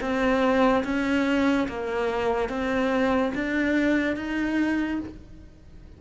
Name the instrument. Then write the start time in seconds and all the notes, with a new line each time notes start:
cello
0.00 C4
0.84 C#4
1.68 A#3
2.48 C4
3.34 D4
4.16 D#4